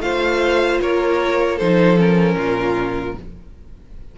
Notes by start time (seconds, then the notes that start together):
0.00 A3 F4 C5 F5
0.82 A#3 A#4 C#5
1.57 F3 D#4 A4 C5
1.97 C#4 A#4
2.36 A#2 F4